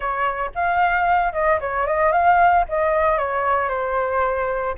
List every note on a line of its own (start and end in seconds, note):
0.00 0.50 C#5
0.54 1.32 F5
1.32 1.59 D#5
1.60 1.86 C#5
1.87 2.12 D#5
2.12 2.65 F5
2.68 3.17 D#5
3.17 3.68 C#5
3.68 4.74 C5